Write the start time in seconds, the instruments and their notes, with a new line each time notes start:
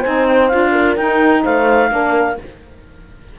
0.00 cello C4, saxophone D#4, horn C5, clarinet G#5
0.27 clarinet G5
0.48 cello D4, saxophone F4, clarinet F5
0.72 horn A#4
0.96 cello D#4, saxophone D#4, clarinet G5
1.44 cello A3, horn C5, clarinet F5
1.90 cello A#3, saxophone D4, horn A#4